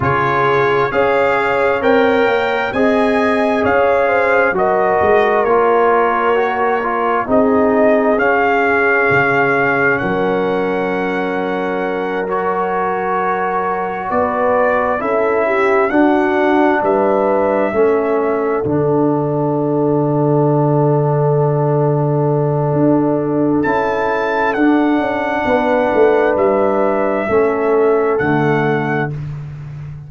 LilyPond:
<<
  \new Staff \with { instrumentName = "trumpet" } { \time 4/4 \tempo 4 = 66 cis''4 f''4 g''4 gis''4 | f''4 dis''4 cis''2 | dis''4 f''2 fis''4~ | fis''4. cis''2 d''8~ |
d''8 e''4 fis''4 e''4.~ | e''8 fis''2.~ fis''8~ | fis''2 a''4 fis''4~ | fis''4 e''2 fis''4 | }
  \new Staff \with { instrumentName = "horn" } { \time 4/4 gis'4 cis''2 dis''4 | cis''8 c''8 ais'2. | gis'2. ais'4~ | ais'2.~ ais'8 b'8~ |
b'8 a'8 g'8 fis'4 b'4 a'8~ | a'1~ | a'1 | b'2 a'2 | }
  \new Staff \with { instrumentName = "trombone" } { \time 4/4 f'4 gis'4 ais'4 gis'4~ | gis'4 fis'4 f'4 fis'8 f'8 | dis'4 cis'2.~ | cis'4. fis'2~ fis'8~ |
fis'8 e'4 d'2 cis'8~ | cis'8 d'2.~ d'8~ | d'2 e'4 d'4~ | d'2 cis'4 a4 | }
  \new Staff \with { instrumentName = "tuba" } { \time 4/4 cis4 cis'4 c'8 ais8 c'4 | cis'4 fis8 gis8 ais2 | c'4 cis'4 cis4 fis4~ | fis2.~ fis8 b8~ |
b8 cis'4 d'4 g4 a8~ | a8 d2.~ d8~ | d4 d'4 cis'4 d'8 cis'8 | b8 a8 g4 a4 d4 | }
>>